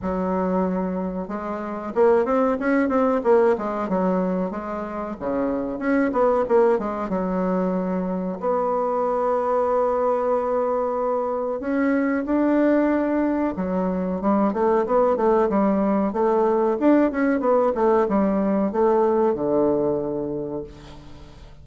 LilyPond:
\new Staff \with { instrumentName = "bassoon" } { \time 4/4 \tempo 4 = 93 fis2 gis4 ais8 c'8 | cis'8 c'8 ais8 gis8 fis4 gis4 | cis4 cis'8 b8 ais8 gis8 fis4~ | fis4 b2.~ |
b2 cis'4 d'4~ | d'4 fis4 g8 a8 b8 a8 | g4 a4 d'8 cis'8 b8 a8 | g4 a4 d2 | }